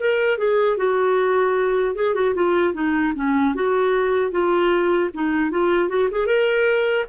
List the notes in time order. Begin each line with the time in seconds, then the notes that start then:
0.00 A#4
0.38 G#4
0.77 F#4
1.95 G#4
2.15 F#4
2.35 F4
2.74 D#4
3.15 C#4
3.55 F#4
4.31 F4
5.14 D#4
5.51 F4
5.89 F#4
6.11 G#4
6.26 A#4